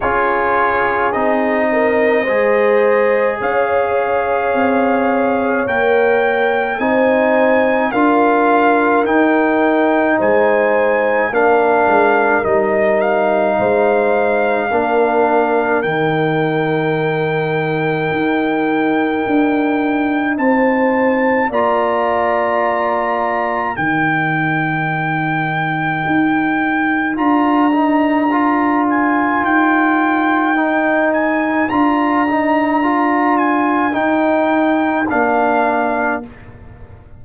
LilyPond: <<
  \new Staff \with { instrumentName = "trumpet" } { \time 4/4 \tempo 4 = 53 cis''4 dis''2 f''4~ | f''4 g''4 gis''4 f''4 | g''4 gis''4 f''4 dis''8 f''8~ | f''2 g''2~ |
g''2 a''4 ais''4~ | ais''4 g''2. | ais''4. gis''8 g''4. gis''8 | ais''4. gis''8 g''4 f''4 | }
  \new Staff \with { instrumentName = "horn" } { \time 4/4 gis'4. ais'8 c''4 cis''4~ | cis''2 c''4 ais'4~ | ais'4 c''4 ais'2 | c''4 ais'2.~ |
ais'2 c''4 d''4~ | d''4 ais'2.~ | ais'1~ | ais'1 | }
  \new Staff \with { instrumentName = "trombone" } { \time 4/4 f'4 dis'4 gis'2~ | gis'4 ais'4 dis'4 f'4 | dis'2 d'4 dis'4~ | dis'4 d'4 dis'2~ |
dis'2. f'4~ | f'4 dis'2. | f'8 dis'8 f'2 dis'4 | f'8 dis'8 f'4 dis'4 d'4 | }
  \new Staff \with { instrumentName = "tuba" } { \time 4/4 cis'4 c'4 gis4 cis'4 | c'4 ais4 c'4 d'4 | dis'4 gis4 ais8 gis8 g4 | gis4 ais4 dis2 |
dis'4 d'4 c'4 ais4~ | ais4 dis2 dis'4 | d'2 dis'2 | d'2 dis'4 ais4 | }
>>